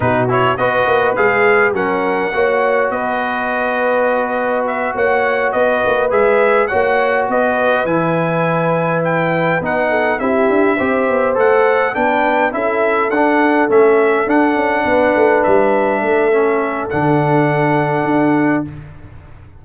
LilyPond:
<<
  \new Staff \with { instrumentName = "trumpet" } { \time 4/4 \tempo 4 = 103 b'8 cis''8 dis''4 f''4 fis''4~ | fis''4 dis''2. | e''8 fis''4 dis''4 e''4 fis''8~ | fis''8 dis''4 gis''2 g''8~ |
g''8 fis''4 e''2 fis''8~ | fis''8 g''4 e''4 fis''4 e''8~ | e''8 fis''2 e''4.~ | e''4 fis''2. | }
  \new Staff \with { instrumentName = "horn" } { \time 4/4 fis'4 b'2 ais'4 | cis''4 b'2.~ | b'8 cis''4 b'2 cis''8~ | cis''8 b'2.~ b'8~ |
b'4 a'8 g'4 c''4.~ | c''8 b'4 a'2~ a'8~ | a'4. b'2 a'8~ | a'1 | }
  \new Staff \with { instrumentName = "trombone" } { \time 4/4 dis'8 e'8 fis'4 gis'4 cis'4 | fis'1~ | fis'2~ fis'8 gis'4 fis'8~ | fis'4. e'2~ e'8~ |
e'8 dis'4 e'4 g'4 a'8~ | a'8 d'4 e'4 d'4 cis'8~ | cis'8 d'2.~ d'8 | cis'4 d'2. | }
  \new Staff \with { instrumentName = "tuba" } { \time 4/4 b,4 b8 ais8 gis4 fis4 | ais4 b2.~ | b8 ais4 b8 ais8 gis4 ais8~ | ais8 b4 e2~ e8~ |
e8 b4 c'8 d'8 c'8 b8 a8~ | a8 b4 cis'4 d'4 a8~ | a8 d'8 cis'8 b8 a8 g4 a8~ | a4 d2 d'4 | }
>>